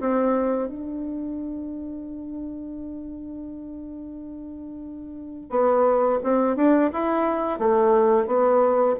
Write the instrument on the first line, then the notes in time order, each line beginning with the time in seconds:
bassoon
0.00 C4
0.68 D4
5.50 B3
6.23 C4
6.56 D4
6.92 E4
7.59 A3
8.26 B3